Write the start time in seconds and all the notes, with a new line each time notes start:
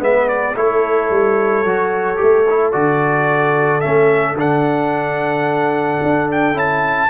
0.00 G#3 B3 B4 E5
0.29 D5
0.55 A3 E4 A4 C#5
1.11 G3
1.64 F#3 F#4
2.17 A3 G4
2.50 E4
2.72 D3 F#4 D5
3.81 A3 C#4 E5
4.36 D3 D4 F#5
6.03 D4
6.32 G5
6.54 C#4 E4 A5